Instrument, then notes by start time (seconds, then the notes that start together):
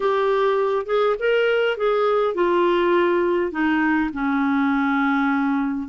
clarinet
0.00 G4
0.86 G#4
1.19 A#4
1.77 G#4
2.34 F4
3.51 D#4
4.13 C#4